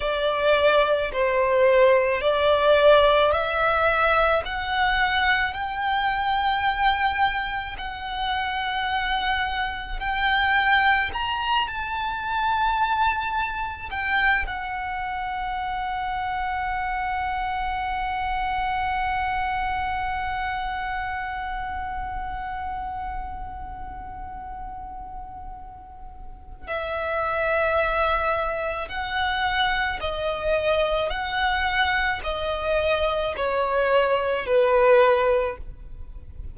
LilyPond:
\new Staff \with { instrumentName = "violin" } { \time 4/4 \tempo 4 = 54 d''4 c''4 d''4 e''4 | fis''4 g''2 fis''4~ | fis''4 g''4 ais''8 a''4.~ | a''8 g''8 fis''2.~ |
fis''1~ | fis''1 | e''2 fis''4 dis''4 | fis''4 dis''4 cis''4 b'4 | }